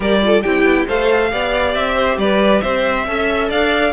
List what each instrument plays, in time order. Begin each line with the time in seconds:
0.00 cello G3, viola G4, violin A#4 D5
0.22 viola F4, violin A4
0.42 cello C4, viola E4, violin G4 G5
0.62 cello B3
0.86 cello A3, viola A4, violin C5 F5
1.31 cello B3, viola G4, violin D5
1.74 cello C4, violin E5
1.95 violin C5
2.17 cello G3, violin B4 D5
2.61 cello C4, violin C5 E5
3.07 cello C#4, viola A4, violin E5
3.49 cello D4, violin D5 F5